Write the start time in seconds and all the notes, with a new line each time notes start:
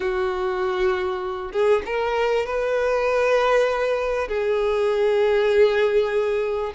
0.00 F#4
1.51 G#4
1.85 A#4
2.45 B4
4.28 G#4